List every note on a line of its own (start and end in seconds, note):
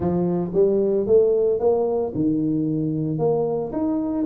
0.00 0.51 F3
0.53 1.06 G3
1.06 1.59 A3
1.59 2.12 A#3
2.14 3.18 D#3
3.18 3.71 A#3
3.72 4.25 D#4